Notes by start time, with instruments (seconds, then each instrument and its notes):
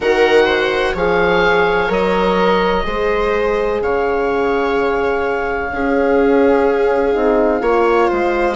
0.00 bassoon D#3, horn F#4, viola A#4, oboe F#5
0.45 viola C5
0.94 bassoon F3, horn G#4, viola C#5, oboe F5
1.88 bassoon F#3, horn A#4, oboe D#5
2.84 bassoon G#3, horn G#4, viola C5
3.81 bassoon C#3, viola C#5, oboe F5
5.71 bassoon C#4, horn C#4, viola G#4
7.12 bassoon C4, horn D#4
7.59 bassoon A#3, horn F4, viola C#5
8.08 bassoon G#3, viola C5